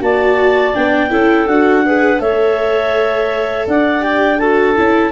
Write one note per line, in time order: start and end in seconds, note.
0.00 0.74 A#3
0.00 0.73 F#4
0.00 1.10 D5
0.00 0.74 A5
0.74 1.11 B3
0.74 1.10 D4
0.74 1.47 G5
1.10 1.47 C#4
1.10 1.46 E4
1.10 1.83 A4
1.47 2.20 D4
1.47 1.86 F#4
1.47 2.20 F#5
1.85 2.18 G#4
1.85 2.21 B4
2.18 3.66 A3
2.18 4.00 A4
2.18 3.68 C#5
2.18 3.66 E5
3.67 4.77 D4
3.67 4.38 D5
3.67 4.03 F#5
4.00 4.36 G4
4.00 4.39 G5
4.38 4.76 F#4
4.38 5.12 A4
4.38 5.12 A5
4.76 5.12 C#4
4.76 5.12 E4